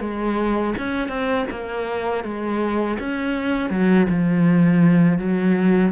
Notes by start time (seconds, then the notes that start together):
0.00 G#3
0.78 C#4
1.08 C4
1.51 A#3
2.24 G#3
2.99 C#4
3.70 F#3
4.09 F3
5.18 F#3